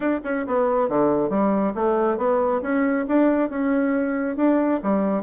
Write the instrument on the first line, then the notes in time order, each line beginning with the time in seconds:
bassoon
0.00 D4
0.24 C#4
0.47 B3
0.89 D3
1.29 G3
1.74 A3
2.17 B3
2.62 C#4
3.08 D4
3.49 C#4
4.36 D4
4.82 G3